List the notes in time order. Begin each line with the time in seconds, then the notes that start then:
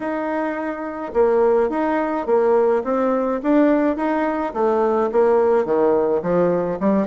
0.00 D#4
1.13 A#3
1.69 D#4
2.26 A#3
2.84 C4
3.42 D4
3.96 D#4
4.53 A3
5.11 A#3
5.65 D#3
6.22 F3
6.80 G3